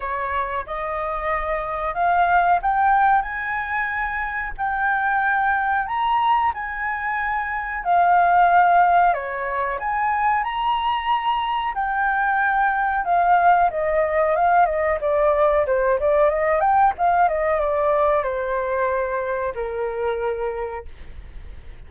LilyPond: \new Staff \with { instrumentName = "flute" } { \time 4/4 \tempo 4 = 92 cis''4 dis''2 f''4 | g''4 gis''2 g''4~ | g''4 ais''4 gis''2 | f''2 cis''4 gis''4 |
ais''2 g''2 | f''4 dis''4 f''8 dis''8 d''4 | c''8 d''8 dis''8 g''8 f''8 dis''8 d''4 | c''2 ais'2 | }